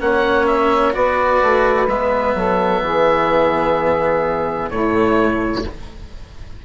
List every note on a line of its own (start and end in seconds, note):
0.00 0.95 A#3
0.00 0.93 C#4
0.00 0.95 C#5
0.00 0.46 F#5
0.46 0.93 E5
0.93 1.42 B3
0.93 1.86 F#4
0.93 2.36 B4
0.93 1.88 D5
1.42 1.87 A3
1.87 2.34 G#3
1.87 4.71 B3
1.87 4.70 E5
2.35 2.82 F#3
2.35 2.82 A4
2.82 4.70 E3
2.82 4.71 G#4
4.70 5.65 A2
4.70 5.64 A3
4.70 5.65 E4
4.70 5.64 C#5